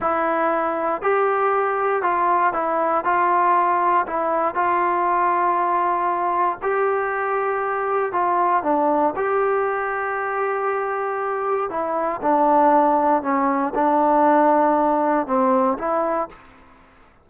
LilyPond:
\new Staff \with { instrumentName = "trombone" } { \time 4/4 \tempo 4 = 118 e'2 g'2 | f'4 e'4 f'2 | e'4 f'2.~ | f'4 g'2. |
f'4 d'4 g'2~ | g'2. e'4 | d'2 cis'4 d'4~ | d'2 c'4 e'4 | }